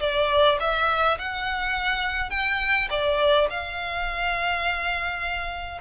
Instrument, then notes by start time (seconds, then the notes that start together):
violin
0.00 D5
0.60 E5
1.18 F#5
2.30 G5
2.90 D5
3.50 F5